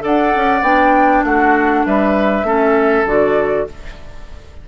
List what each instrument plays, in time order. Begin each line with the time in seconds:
0.00 bassoon D4, clarinet A4, oboe D5, flute F#5
0.36 bassoon C#4
0.62 bassoon B3, clarinet D4, flute G5
1.25 bassoon A3, oboe F#4, flute F#5
1.86 bassoon G3, oboe B4, flute E5
2.44 bassoon A3, clarinet C#4, oboe A4
3.06 bassoon D3, clarinet F#4, flute D5